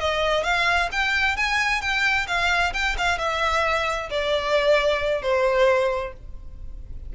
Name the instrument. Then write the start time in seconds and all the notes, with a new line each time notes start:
violin
0.00 D#5
0.43 F5
0.92 G5
1.36 G#5
1.81 G5
2.27 F5
2.73 G5
2.97 F5
3.18 E5
4.10 D5
5.22 C5